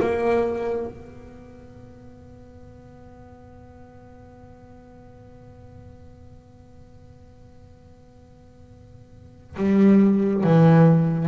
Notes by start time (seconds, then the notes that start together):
0.00 A#3
0.87 B3
9.57 G3
10.44 E3